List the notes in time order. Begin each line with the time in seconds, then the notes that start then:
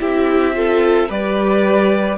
0.00 C4 E4 G4 E5
0.54 F4 A4
1.09 G3 G4 B4 D5